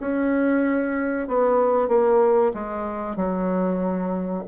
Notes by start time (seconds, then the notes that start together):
0.00 C#4
1.28 B3
1.88 A#3
2.54 G#3
3.16 F#3